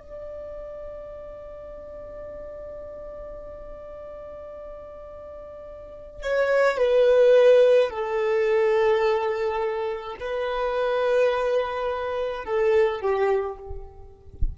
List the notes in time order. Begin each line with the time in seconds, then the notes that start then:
0.00 D5
6.23 C#5
6.78 B4
7.90 A4
10.20 B4
12.45 A4
13.01 G4